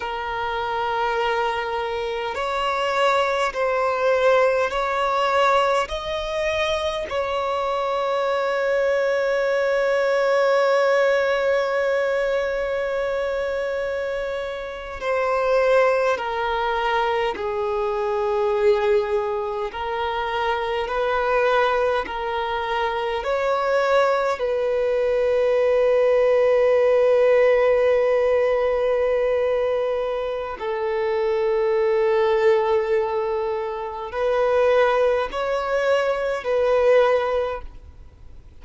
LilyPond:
\new Staff \with { instrumentName = "violin" } { \time 4/4 \tempo 4 = 51 ais'2 cis''4 c''4 | cis''4 dis''4 cis''2~ | cis''1~ | cis''8. c''4 ais'4 gis'4~ gis'16~ |
gis'8. ais'4 b'4 ais'4 cis''16~ | cis''8. b'2.~ b'16~ | b'2 a'2~ | a'4 b'4 cis''4 b'4 | }